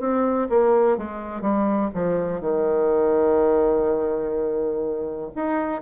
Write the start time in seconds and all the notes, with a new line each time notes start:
0.00 C4
0.50 A#3
0.98 G#3
1.42 G3
1.94 F3
2.41 D#3
5.35 D#4